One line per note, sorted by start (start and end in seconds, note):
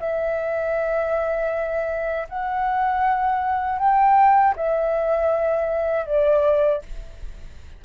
0.00 2.28 E5
2.30 3.79 F#5
3.79 4.55 G5
4.56 6.06 E5
6.06 6.82 D5